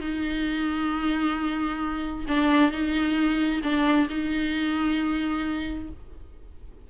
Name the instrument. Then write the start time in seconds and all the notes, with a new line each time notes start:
viola
0.00 D#4
2.27 D4
2.71 D#4
3.63 D4
4.09 D#4